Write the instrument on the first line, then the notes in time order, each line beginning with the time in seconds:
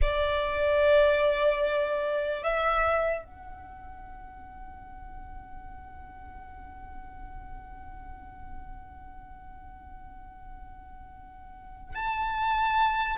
violin
0.01 D5
2.43 E5
3.24 F#5
11.94 A5